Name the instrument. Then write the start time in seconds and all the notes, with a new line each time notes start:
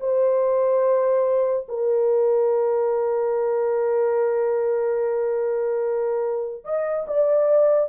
horn
0.00 C5
1.68 A#4
6.64 D#5
7.08 D5